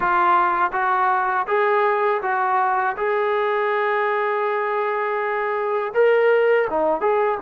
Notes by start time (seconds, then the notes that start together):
0.00 F4
0.72 F#4
1.47 G#4
2.22 F#4
2.96 G#4
5.94 A#4
6.70 D#4
7.00 G#4